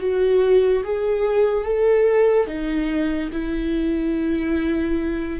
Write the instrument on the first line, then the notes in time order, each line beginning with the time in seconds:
viola
0.00 F#4
0.84 G#4
1.65 A4
2.47 D#4
3.32 E4